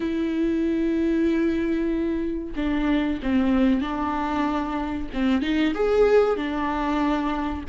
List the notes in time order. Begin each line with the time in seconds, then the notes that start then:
0.00 E4
2.56 D4
3.22 C4
3.81 D4
5.13 C4
5.42 D#4
5.74 G#4
6.36 D4